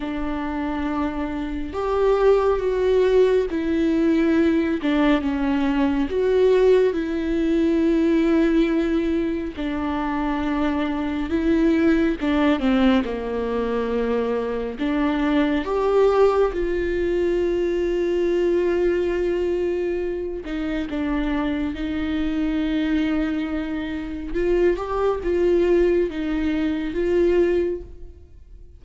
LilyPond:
\new Staff \with { instrumentName = "viola" } { \time 4/4 \tempo 4 = 69 d'2 g'4 fis'4 | e'4. d'8 cis'4 fis'4 | e'2. d'4~ | d'4 e'4 d'8 c'8 ais4~ |
ais4 d'4 g'4 f'4~ | f'2.~ f'8 dis'8 | d'4 dis'2. | f'8 g'8 f'4 dis'4 f'4 | }